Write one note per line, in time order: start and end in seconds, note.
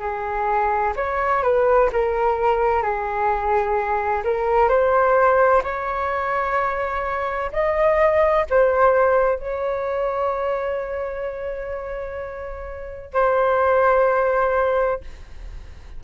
0.00 0.94 G#4
0.96 1.43 C#5
1.43 1.90 B4
1.93 2.83 A#4
2.83 4.23 G#4
4.24 4.69 A#4
4.69 5.62 C5
5.64 7.51 C#5
7.53 8.46 D#5
8.50 9.39 C5
9.39 13.13 C#5
13.13 15.01 C5